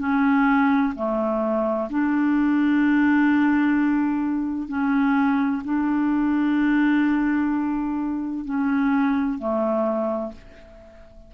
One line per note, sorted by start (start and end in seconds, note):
0.00 0.94 C#4
0.95 1.89 A3
1.90 4.69 D4
4.69 5.62 C#4
5.64 8.45 D4
8.45 9.39 C#4
9.39 10.33 A3